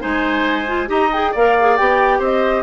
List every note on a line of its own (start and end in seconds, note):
0.00 0.89 G#3
0.00 0.66 D#4
0.00 0.89 C5
0.00 0.90 G#5
0.67 0.87 F4
0.87 1.33 D#4
0.87 1.09 G4
0.87 1.32 D#5
0.87 1.12 A#5
1.12 1.35 G#4
1.12 1.34 G5
1.32 1.79 A#3
1.32 1.58 A#4
1.32 2.19 D5
1.32 1.77 F5
1.60 1.78 G#4
1.77 2.19 B3
1.77 2.63 G4
1.77 2.21 G5
2.19 2.63 C4
2.19 2.63 C5
2.19 2.63 D#5